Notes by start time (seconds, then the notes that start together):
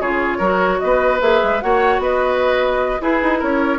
0.00 C#3 F4 G#4 C#5
0.38 F#3 F#4 A#4
0.79 B3 B4 D#5
1.20 A#3 G#4 E5
1.43 G#3
1.61 A#3 F#4 C#5 F#5
1.98 B3 B4 D#5
2.99 E4 G#4 B4
3.22 D#4
3.39 C#4 A#4 C#5